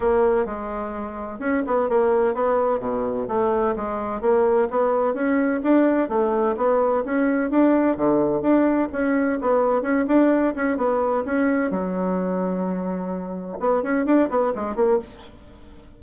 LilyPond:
\new Staff \with { instrumentName = "bassoon" } { \time 4/4 \tempo 4 = 128 ais4 gis2 cis'8 b8 | ais4 b4 b,4 a4 | gis4 ais4 b4 cis'4 | d'4 a4 b4 cis'4 |
d'4 d4 d'4 cis'4 | b4 cis'8 d'4 cis'8 b4 | cis'4 fis2.~ | fis4 b8 cis'8 d'8 b8 gis8 ais8 | }